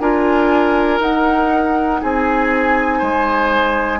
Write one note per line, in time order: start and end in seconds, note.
0.00 1.00 D4
0.00 1.01 F4
0.00 2.00 A#4
0.00 1.00 G#5
1.00 2.00 D#4
1.00 4.00 D#4
1.00 2.01 F#5
2.01 3.01 C4
2.01 2.98 G#4
2.01 4.00 G#5
2.98 4.00 G#3
2.98 3.98 C5